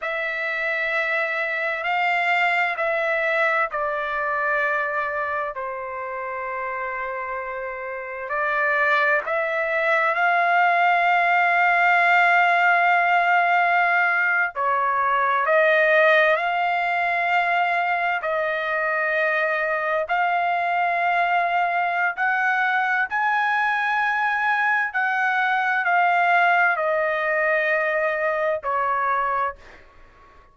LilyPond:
\new Staff \with { instrumentName = "trumpet" } { \time 4/4 \tempo 4 = 65 e''2 f''4 e''4 | d''2 c''2~ | c''4 d''4 e''4 f''4~ | f''2.~ f''8. cis''16~ |
cis''8. dis''4 f''2 dis''16~ | dis''4.~ dis''16 f''2~ f''16 | fis''4 gis''2 fis''4 | f''4 dis''2 cis''4 | }